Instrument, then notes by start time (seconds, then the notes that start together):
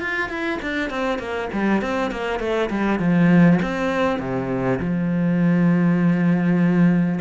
cello
0.00 F4
0.29 E4
0.62 D4
0.90 C4
1.18 A#3
1.52 G3
1.81 C4
2.11 A#3
2.39 A3
2.69 G3
2.99 F3
3.62 C4
4.19 C3
4.79 F3